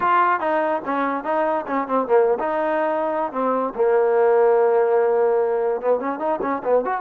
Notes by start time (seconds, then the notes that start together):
0.00 F4
0.40 D#4
0.84 C#4
1.24 D#4
1.66 C#4
1.87 C4
2.07 A#3
2.39 D#4
3.32 C4
3.75 A#3
5.81 B3
5.99 C#4
6.19 D#4
6.41 C#4
6.64 B3
6.84 F#4